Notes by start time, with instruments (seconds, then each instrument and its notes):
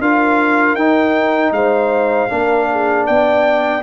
0.00 tuba D4, trombone F4, horn A#4, trumpet F5
0.74 tuba D#4, trombone D#4, trumpet G5
1.51 tuba G#3, horn C5, trumpet F5
2.29 tuba A#3, trombone D4, horn A#4
2.71 horn G#4
3.07 tuba B3, horn D5, trumpet G5